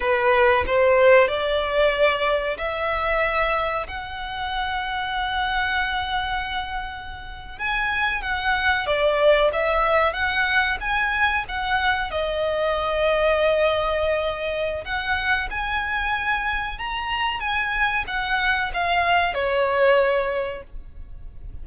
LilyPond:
\new Staff \with { instrumentName = "violin" } { \time 4/4 \tempo 4 = 93 b'4 c''4 d''2 | e''2 fis''2~ | fis''2.~ fis''8. gis''16~ | gis''8. fis''4 d''4 e''4 fis''16~ |
fis''8. gis''4 fis''4 dis''4~ dis''16~ | dis''2. fis''4 | gis''2 ais''4 gis''4 | fis''4 f''4 cis''2 | }